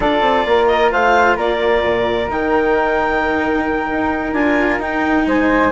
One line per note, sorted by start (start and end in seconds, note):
0.00 0.21 D4
0.00 2.28 F4
0.00 0.46 A4
0.00 0.67 D5
0.21 0.44 C4
0.45 0.91 A#3
0.45 0.92 A#4
0.67 0.90 D#5
0.91 1.37 A3
0.91 1.36 C5
0.91 1.37 F5
1.36 1.83 A#3
1.36 5.25 A#4
1.36 2.30 D5
1.84 2.29 A#2
2.29 3.89 D#3
2.29 4.35 D#4
2.29 4.33 G5
3.91 4.32 D#4
4.32 4.78 D4
4.32 4.80 F4
4.32 4.79 G#5
4.78 5.23 D#4
4.78 5.71 D#4
4.78 5.27 G5
5.26 5.72 G#3
5.26 5.72 C5
5.26 5.72 G#5